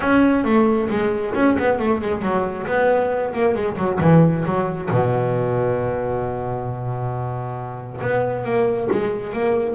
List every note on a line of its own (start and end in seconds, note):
0.00 0.44 C#4
0.44 0.88 A3
0.89 1.34 G#3
1.34 1.56 C#4
1.58 1.79 B3
1.79 2.01 A3
2.01 2.22 G#3
2.22 2.66 F#3
2.66 3.33 B3
3.33 3.54 A#3
3.54 3.77 G#3
3.77 3.99 F#3
4.00 4.44 E3
4.45 4.89 F#3
4.90 8.01 B2
8.01 8.44 B3
8.44 8.88 A#3
8.91 9.33 G#3
9.33 9.75 A#3